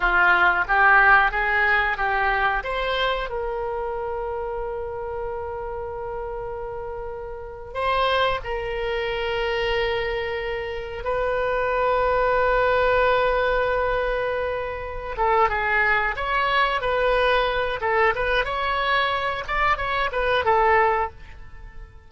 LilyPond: \new Staff \with { instrumentName = "oboe" } { \time 4/4 \tempo 4 = 91 f'4 g'4 gis'4 g'4 | c''4 ais'2.~ | ais'2.~ ais'8. c''16~ | c''8. ais'2.~ ais'16~ |
ais'8. b'2.~ b'16~ | b'2. a'8 gis'8~ | gis'8 cis''4 b'4. a'8 b'8 | cis''4. d''8 cis''8 b'8 a'4 | }